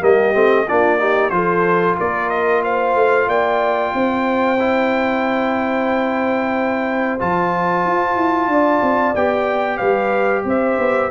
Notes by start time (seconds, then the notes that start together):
0.00 G3 A#3 G4 D#5
0.33 A3 C4
0.67 A#3 D4 F4 D5
0.98 D#4 G4
1.29 F3 F4 A4 C5
1.98 A#3 A#4 D5
2.29 D#5
2.63 C5 F5
2.95 A3
3.27 A#3 D5 G5
3.94 C4 C5
4.59 E4
7.19 F3 F4 A5
7.85 F4
8.16 E4
8.48 D4 D5
8.82 C4
9.15 B3 G4 G5
9.77 G3 B4 F5
10.44 C4 C5 E5
10.78 B3